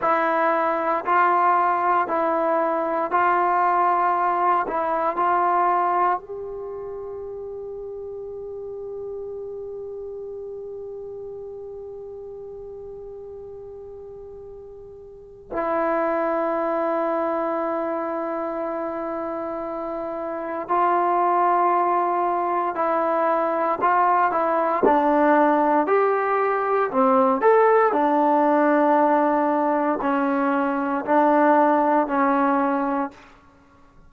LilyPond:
\new Staff \with { instrumentName = "trombone" } { \time 4/4 \tempo 4 = 58 e'4 f'4 e'4 f'4~ | f'8 e'8 f'4 g'2~ | g'1~ | g'2. e'4~ |
e'1 | f'2 e'4 f'8 e'8 | d'4 g'4 c'8 a'8 d'4~ | d'4 cis'4 d'4 cis'4 | }